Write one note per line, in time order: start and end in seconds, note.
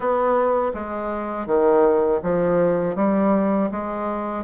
0.00 0.72 B3
0.74 1.46 G#3
1.46 2.20 D#3
2.22 2.95 F3
2.95 3.69 G3
3.71 4.44 G#3